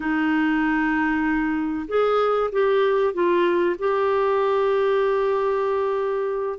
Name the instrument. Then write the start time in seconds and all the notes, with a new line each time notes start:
clarinet
0.00 D#4
1.88 G#4
2.52 G4
3.13 F4
3.78 G4